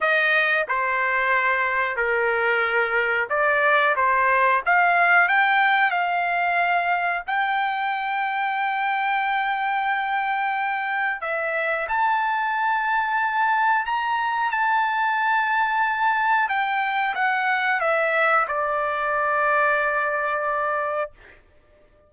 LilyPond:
\new Staff \with { instrumentName = "trumpet" } { \time 4/4 \tempo 4 = 91 dis''4 c''2 ais'4~ | ais'4 d''4 c''4 f''4 | g''4 f''2 g''4~ | g''1~ |
g''4 e''4 a''2~ | a''4 ais''4 a''2~ | a''4 g''4 fis''4 e''4 | d''1 | }